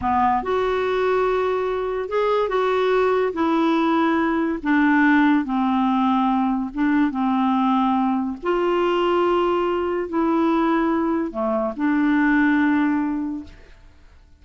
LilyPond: \new Staff \with { instrumentName = "clarinet" } { \time 4/4 \tempo 4 = 143 b4 fis'2.~ | fis'4 gis'4 fis'2 | e'2. d'4~ | d'4 c'2. |
d'4 c'2. | f'1 | e'2. a4 | d'1 | }